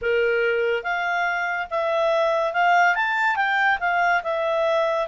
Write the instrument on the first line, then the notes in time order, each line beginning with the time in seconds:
clarinet
0.01 A#4
0.83 F5
1.70 E5
2.53 F5
2.95 A5
3.36 G5
3.80 F5
4.23 E5